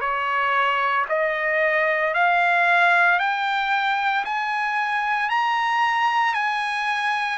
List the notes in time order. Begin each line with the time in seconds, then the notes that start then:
0.00 C#5
1.09 D#5
2.13 F5
3.19 G5
4.24 G#5
5.29 A#5
6.34 G#5